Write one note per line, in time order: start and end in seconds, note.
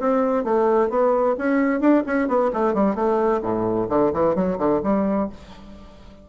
0.00 0.44 C4
0.44 0.90 A3
0.90 1.36 B3
1.38 1.81 C#4
1.81 2.04 D4
2.07 2.28 C#4
2.28 2.51 B3
2.54 2.74 A3
2.74 2.96 G3
2.96 3.41 A3
3.43 3.89 A2
3.90 4.13 D3
4.14 4.36 E3
4.36 4.59 F#3
4.59 4.82 D3
4.84 5.30 G3